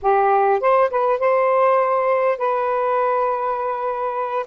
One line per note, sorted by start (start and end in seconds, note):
0.01 0.60 G4
0.60 0.90 C5
0.90 1.19 B4
1.19 2.38 C5
2.38 4.46 B4